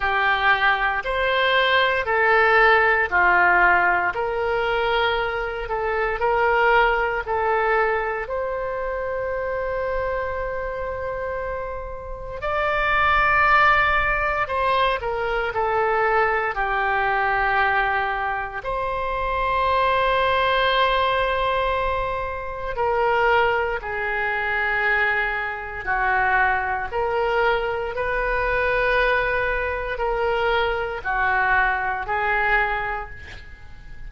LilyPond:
\new Staff \with { instrumentName = "oboe" } { \time 4/4 \tempo 4 = 58 g'4 c''4 a'4 f'4 | ais'4. a'8 ais'4 a'4 | c''1 | d''2 c''8 ais'8 a'4 |
g'2 c''2~ | c''2 ais'4 gis'4~ | gis'4 fis'4 ais'4 b'4~ | b'4 ais'4 fis'4 gis'4 | }